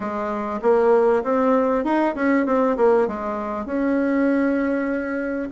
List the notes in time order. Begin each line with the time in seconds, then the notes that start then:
0.00 G#3
0.62 A#3
1.23 C4
1.84 D#4
2.15 C#4
2.45 C4
2.76 A#3
3.07 G#3
3.65 C#4